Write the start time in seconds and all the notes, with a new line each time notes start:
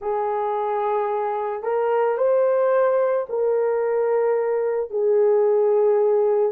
0.00 G#4
1.63 A#4
2.17 C5
3.29 A#4
4.90 G#4